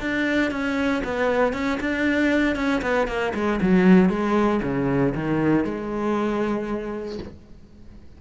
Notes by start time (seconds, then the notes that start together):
0.00 D4
0.51 C#4
1.04 B3
1.53 C#4
1.80 D4
2.56 C#4
2.82 B3
3.07 A#3
3.34 G#3
3.62 F#3
4.09 G#3
4.63 C#3
5.14 D#3
5.65 G#3